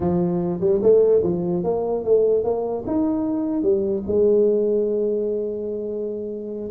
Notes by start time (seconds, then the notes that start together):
0.00 F3
0.60 G3
0.82 A3
1.23 F3
1.63 A#3
2.04 A3
2.43 A#3
2.87 D#4
3.62 G3
4.07 G#3